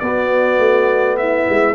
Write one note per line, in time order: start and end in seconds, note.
0.00 0.58 B3
0.00 1.75 B3
0.00 1.19 F#4
0.00 1.17 D5
0.58 1.46 A3
1.17 1.75 E4
1.17 1.75 E5
1.49 1.75 G#3